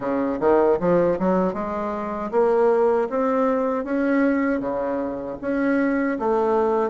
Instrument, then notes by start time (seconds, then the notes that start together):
bassoon
0.00 C#3
0.40 D#3
0.80 F3
1.19 F#3
1.53 G#3
2.31 A#3
3.09 C4
3.84 C#4
4.60 C#3
5.41 C#4
6.19 A3